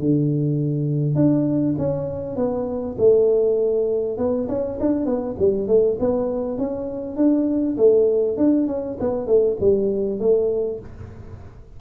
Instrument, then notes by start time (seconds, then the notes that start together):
tuba
0.00 D3
1.16 D4
1.79 C#4
2.36 B3
2.99 A3
4.18 B3
4.49 C#4
4.81 D4
5.06 B3
5.39 G3
5.68 A3
6.00 B3
6.58 C#4
7.17 D4
7.78 A3
8.38 D4
8.68 C#4
9.01 B3
9.27 A3
9.61 G3
10.20 A3